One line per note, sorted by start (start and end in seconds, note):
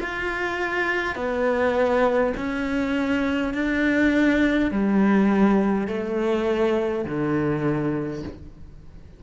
0.00 1.16 F4
1.16 2.33 B3
2.37 3.53 C#4
3.53 4.71 D4
4.71 5.87 G3
5.87 7.05 A3
7.05 8.22 D3